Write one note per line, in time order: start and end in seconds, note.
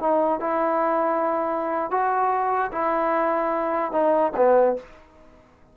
0.00 0.40 D#4
0.40 1.91 E4
1.91 2.72 F#4
2.72 3.92 E4
3.92 4.33 D#4
4.37 4.77 B3